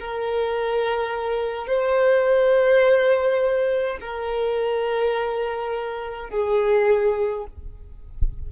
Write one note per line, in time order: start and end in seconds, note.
0.00 1.67 A#4
1.67 3.98 C5
4.01 6.30 A#4
6.30 7.45 G#4